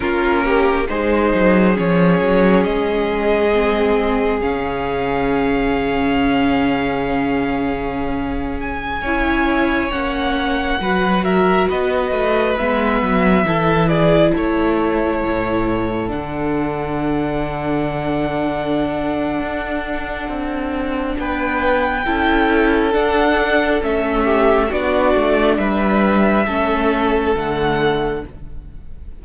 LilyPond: <<
  \new Staff \with { instrumentName = "violin" } { \time 4/4 \tempo 4 = 68 ais'4 c''4 cis''4 dis''4~ | dis''4 f''2.~ | f''4.~ f''16 gis''4. fis''8.~ | fis''8. e''8 dis''4 e''4. d''16~ |
d''16 cis''2 fis''4.~ fis''16~ | fis''1 | g''2 fis''4 e''4 | d''4 e''2 fis''4 | }
  \new Staff \with { instrumentName = "violin" } { \time 4/4 f'8 g'8 gis'2.~ | gis'1~ | gis'2~ gis'16 cis''4.~ cis''16~ | cis''16 b'8 ais'8 b'2 a'8 gis'16~ |
gis'16 a'2.~ a'8.~ | a'1 | b'4 a'2~ a'8 g'8 | fis'4 b'4 a'2 | }
  \new Staff \with { instrumentName = "viola" } { \time 4/4 cis'4 dis'4 cis'2 | c'4 cis'2.~ | cis'2~ cis'16 e'4 cis'8.~ | cis'16 fis'2 b4 e'8.~ |
e'2~ e'16 d'4.~ d'16~ | d'1~ | d'4 e'4 d'4 cis'4 | d'2 cis'4 a4 | }
  \new Staff \with { instrumentName = "cello" } { \time 4/4 ais4 gis8 fis8 f8 fis8 gis4~ | gis4 cis2.~ | cis2~ cis16 cis'4 ais8.~ | ais16 fis4 b8 a8 gis8 fis8 e8.~ |
e16 a4 a,4 d4.~ d16~ | d2 d'4 c'4 | b4 cis'4 d'4 a4 | b8 a8 g4 a4 d4 | }
>>